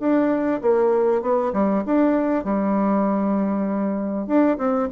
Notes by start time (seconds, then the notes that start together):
0.00 D4
0.62 A#3
1.22 B3
1.53 G3
1.86 D4
2.44 G3
4.27 D4
4.58 C4